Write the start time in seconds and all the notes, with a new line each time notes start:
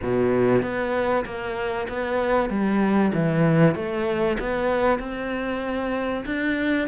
0.02 B2
0.62 B3
1.25 A#3
1.88 B3
2.49 G3
3.13 E3
3.75 A3
4.39 B3
4.99 C4
6.25 D4